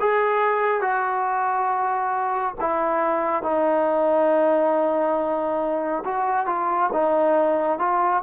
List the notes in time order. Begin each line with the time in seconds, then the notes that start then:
0.00 G#4
0.81 F#4
2.60 E4
3.43 D#4
6.05 F#4
6.47 F4
6.93 D#4
7.79 F4